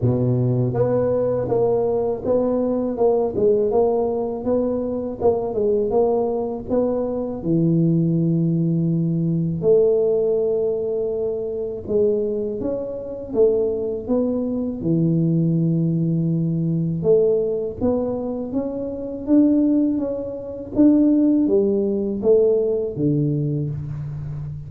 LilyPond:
\new Staff \with { instrumentName = "tuba" } { \time 4/4 \tempo 4 = 81 b,4 b4 ais4 b4 | ais8 gis8 ais4 b4 ais8 gis8 | ais4 b4 e2~ | e4 a2. |
gis4 cis'4 a4 b4 | e2. a4 | b4 cis'4 d'4 cis'4 | d'4 g4 a4 d4 | }